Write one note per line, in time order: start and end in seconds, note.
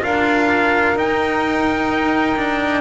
0.00 0.96 D4
0.00 0.94 F4
0.00 2.81 A#4
0.00 0.97 F5
0.95 2.35 D#4
0.95 2.81 D#4
0.95 2.81 G5
2.36 2.81 D4